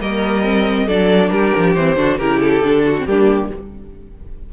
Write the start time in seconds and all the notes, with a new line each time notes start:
0.00 G3 A#3 A#4 D#5
0.44 C4
0.86 F#3 D4 A4 D5
1.30 G3 G4 A#4
1.57 F3
1.74 E3 C4 C5
1.96 D3 D4 F#4
2.18 C#3 E4 G4 A#4
2.40 A4
2.63 D3 D4
2.86 F#4
2.98 C4
3.05 G3 A#3 D4 G4